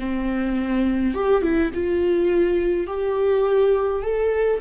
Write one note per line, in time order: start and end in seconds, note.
0.00 1.15 C4
1.15 1.43 G4
1.43 1.72 E4
1.74 2.87 F4
2.87 4.03 G4
4.03 4.61 A4